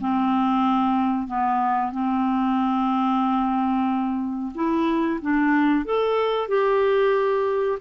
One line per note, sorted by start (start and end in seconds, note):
0.00 1.27 C4
1.27 1.92 B3
1.92 4.53 C4
4.54 5.20 E4
5.21 5.85 D4
5.85 6.48 A4
6.48 7.79 G4